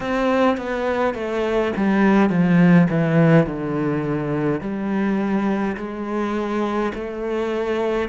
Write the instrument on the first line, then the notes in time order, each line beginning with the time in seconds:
cello
0.00 C4
0.57 B3
1.14 A3
1.76 G3
2.29 F3
2.89 E3
3.46 D3
4.60 G3
5.76 G#3
6.94 A3